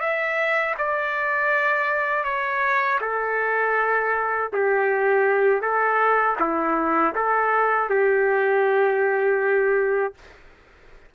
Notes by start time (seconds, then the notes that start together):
0.00 E5
0.78 D5
2.24 C#5
3.01 A4
4.53 G4
5.61 A4
6.40 E4
7.15 A4
7.90 G4